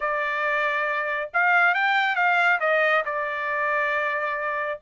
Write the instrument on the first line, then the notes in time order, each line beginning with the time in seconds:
trumpet
0.00 D5
1.33 F5
1.74 G5
2.15 F5
2.60 D#5
3.05 D5